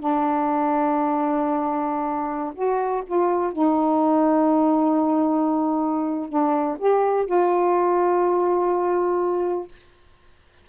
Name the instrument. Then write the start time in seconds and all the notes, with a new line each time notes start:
saxophone
0.00 D4
2.55 F#4
3.07 F4
3.53 D#4
6.29 D4
6.79 G4
7.27 F4